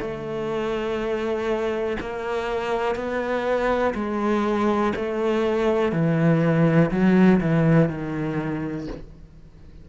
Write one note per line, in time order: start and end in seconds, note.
0.00 1.97 A3
2.00 2.95 A#3
2.95 3.93 B3
3.94 4.93 G#3
4.95 5.92 A3
5.92 6.90 E3
6.90 7.39 F#3
7.40 7.89 E3
7.89 8.87 D#3